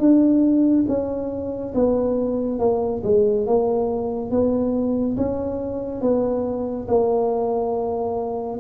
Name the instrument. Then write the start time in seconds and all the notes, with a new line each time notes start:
tuba
0.00 D4
0.88 C#4
1.75 B3
2.60 A#3
3.04 G#3
3.47 A#3
4.31 B3
5.17 C#4
6.02 B3
6.88 A#3